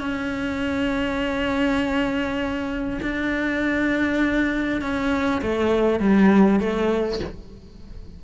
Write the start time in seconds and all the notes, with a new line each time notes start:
0.00 C#4
3.03 D4
4.82 C#4
5.42 A3
6.00 G3
6.60 A3